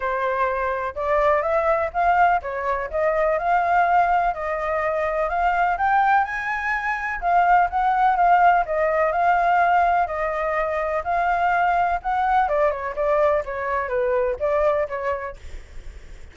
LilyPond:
\new Staff \with { instrumentName = "flute" } { \time 4/4 \tempo 4 = 125 c''2 d''4 e''4 | f''4 cis''4 dis''4 f''4~ | f''4 dis''2 f''4 | g''4 gis''2 f''4 |
fis''4 f''4 dis''4 f''4~ | f''4 dis''2 f''4~ | f''4 fis''4 d''8 cis''8 d''4 | cis''4 b'4 d''4 cis''4 | }